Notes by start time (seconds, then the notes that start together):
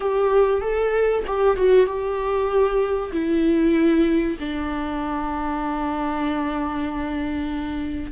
0.00 G4
0.61 A4
1.26 G4
1.57 F#4
1.86 G4
3.12 E4
4.39 D4